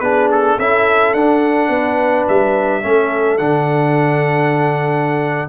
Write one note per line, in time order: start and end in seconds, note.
0.00 0.57 B3
0.00 0.59 D4
0.00 0.57 G#4
0.00 0.28 B4
0.31 0.59 A4
0.57 1.14 C#4
0.57 1.16 E4
0.57 1.69 A4
0.57 1.14 E5
1.14 1.69 D4
1.14 2.82 D4
1.14 2.26 F#5
1.69 2.25 B3
1.69 2.81 B4
2.28 2.84 G3
2.28 3.38 E5
2.82 3.39 A3
2.82 3.39 C#4
2.82 5.49 A4
3.38 5.49 D3
3.38 5.49 D4
3.38 5.48 F#5